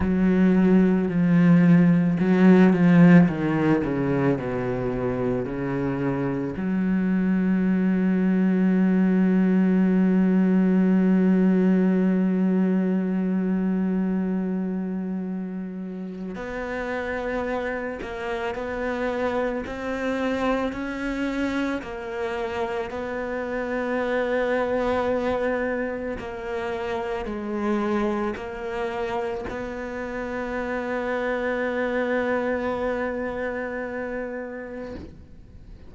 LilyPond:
\new Staff \with { instrumentName = "cello" } { \time 4/4 \tempo 4 = 55 fis4 f4 fis8 f8 dis8 cis8 | b,4 cis4 fis2~ | fis1~ | fis2. b4~ |
b8 ais8 b4 c'4 cis'4 | ais4 b2. | ais4 gis4 ais4 b4~ | b1 | }